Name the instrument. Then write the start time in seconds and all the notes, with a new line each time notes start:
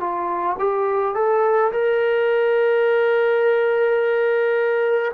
trombone
0.00 F4
0.59 G4
1.15 A4
1.72 A#4